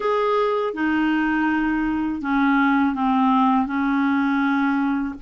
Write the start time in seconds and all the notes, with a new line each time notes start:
0.00 G#4
0.73 D#4
2.21 C#4
2.95 C4
3.66 C#4